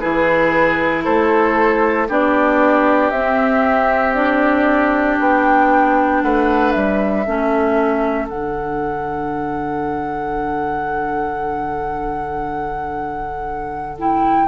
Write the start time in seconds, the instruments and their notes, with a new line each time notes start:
0.00 bassoon E3, clarinet E4, oboe G#4, flute B4
1.04 bassoon A3, oboe A4, flute C5
2.09 bassoon B3, clarinet D4, oboe G4, flute D5
3.10 bassoon C4, clarinet C4, flute E5
4.14 clarinet D4, flute D5
5.19 bassoon B3, flute G5
6.22 bassoon A3, oboe B4, flute F#5
6.72 bassoon G3, flute E5
7.26 bassoon A3, clarinet C#4, oboe A4
8.28 bassoon D3, clarinet D4, flute F#5
13.98 clarinet E4, flute G5